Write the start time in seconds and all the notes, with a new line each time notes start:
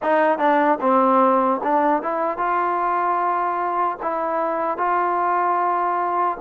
0.02 D#4
0.38 D4
0.80 C4
1.63 D4
2.02 E4
2.37 F4
4.01 E4
4.77 F4